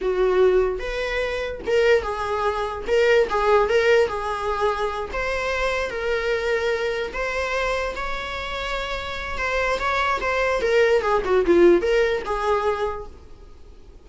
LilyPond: \new Staff \with { instrumentName = "viola" } { \time 4/4 \tempo 4 = 147 fis'2 b'2 | ais'4 gis'2 ais'4 | gis'4 ais'4 gis'2~ | gis'8 c''2 ais'4.~ |
ais'4. c''2 cis''8~ | cis''2. c''4 | cis''4 c''4 ais'4 gis'8 fis'8 | f'4 ais'4 gis'2 | }